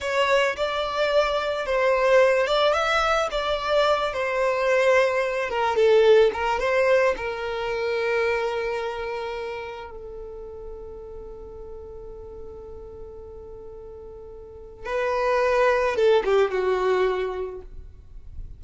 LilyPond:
\new Staff \with { instrumentName = "violin" } { \time 4/4 \tempo 4 = 109 cis''4 d''2 c''4~ | c''8 d''8 e''4 d''4. c''8~ | c''2 ais'8 a'4 ais'8 | c''4 ais'2.~ |
ais'2 a'2~ | a'1~ | a'2. b'4~ | b'4 a'8 g'8 fis'2 | }